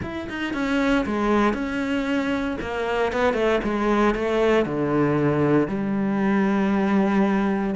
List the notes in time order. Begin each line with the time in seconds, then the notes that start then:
0.02 E4
0.29 D#4
0.53 C#4
1.06 G#3
1.53 C#4
2.61 A#3
3.12 B3
3.33 A3
3.63 G#3
4.14 A3
4.65 D3
5.68 G3